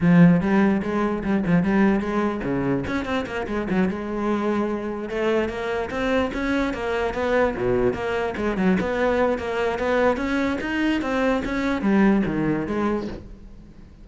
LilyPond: \new Staff \with { instrumentName = "cello" } { \time 4/4 \tempo 4 = 147 f4 g4 gis4 g8 f8 | g4 gis4 cis4 cis'8 c'8 | ais8 gis8 fis8 gis2~ gis8~ | gis8 a4 ais4 c'4 cis'8~ |
cis'8 ais4 b4 b,4 ais8~ | ais8 gis8 fis8 b4. ais4 | b4 cis'4 dis'4 c'4 | cis'4 g4 dis4 gis4 | }